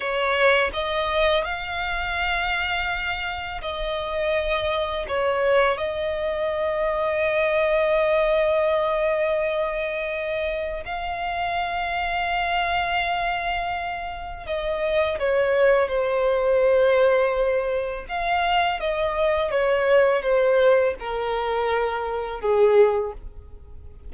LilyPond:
\new Staff \with { instrumentName = "violin" } { \time 4/4 \tempo 4 = 83 cis''4 dis''4 f''2~ | f''4 dis''2 cis''4 | dis''1~ | dis''2. f''4~ |
f''1 | dis''4 cis''4 c''2~ | c''4 f''4 dis''4 cis''4 | c''4 ais'2 gis'4 | }